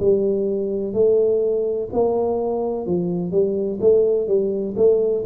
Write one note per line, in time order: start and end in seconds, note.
0.00 0.94 G3
0.94 1.89 A3
1.93 2.87 A#3
2.87 3.32 F3
3.32 3.79 G3
3.81 4.28 A3
4.28 4.75 G3
4.77 5.25 A3